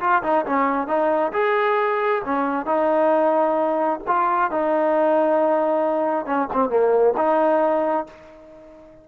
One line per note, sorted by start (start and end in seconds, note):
0.00 0.22 F4
0.23 0.45 D#4
0.46 0.87 C#4
0.87 1.32 D#4
1.32 2.22 G#4
2.25 2.65 C#4
2.65 4.00 D#4
4.07 4.51 F4
4.51 6.26 D#4
6.26 6.48 C#4
6.53 6.69 C4
6.69 7.14 A#3
7.17 8.06 D#4